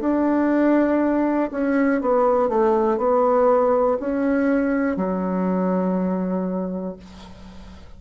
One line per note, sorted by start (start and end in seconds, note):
0.00 1.50 D4
1.51 2.01 C#4
2.01 2.49 B3
2.49 2.98 A3
2.98 3.98 B3
4.00 4.96 C#4
4.96 6.96 F#3